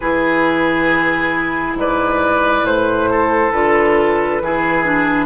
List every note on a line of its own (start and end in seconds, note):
0.00 1.74 E3
0.00 3.53 E4
0.00 1.77 G#4
0.00 1.74 B4
1.74 2.62 G#2
1.74 3.10 B4
1.74 2.65 D5
2.62 3.51 A2
2.62 3.51 C5
3.10 4.42 A4
3.51 4.41 D3
3.51 4.41 F4
3.51 5.25 B4
4.41 5.25 E3
4.41 4.84 E4
4.41 5.25 G#4
4.84 5.25 D4